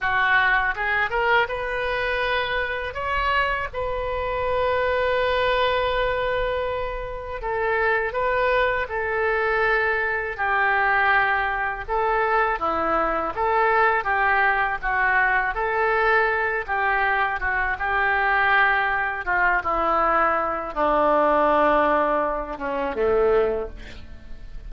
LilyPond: \new Staff \with { instrumentName = "oboe" } { \time 4/4 \tempo 4 = 81 fis'4 gis'8 ais'8 b'2 | cis''4 b'2.~ | b'2 a'4 b'4 | a'2 g'2 |
a'4 e'4 a'4 g'4 | fis'4 a'4. g'4 fis'8 | g'2 f'8 e'4. | d'2~ d'8 cis'8 a4 | }